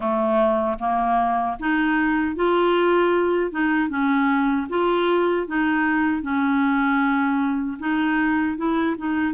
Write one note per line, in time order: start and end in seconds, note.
0.00 0.78 A3
0.79 1.57 A#3
1.59 2.36 D#4
2.36 3.51 F4
3.51 3.89 D#4
3.89 4.67 C#4
4.69 5.47 F4
5.47 6.22 D#4
6.22 7.77 C#4
7.79 8.57 D#4
8.57 8.96 E4
8.97 9.33 D#4